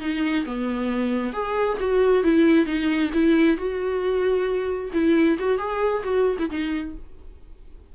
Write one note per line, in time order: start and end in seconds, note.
0.00 0.45 D#4
0.45 1.33 B3
1.33 1.77 G#4
1.80 2.23 F#4
2.23 2.65 E4
2.65 3.10 D#4
3.13 3.56 E4
3.56 4.91 F#4
4.93 5.37 E4
5.39 5.58 F#4
5.58 6.03 G#4
6.03 6.37 F#4
6.38 6.49 E4
6.50 6.95 D#4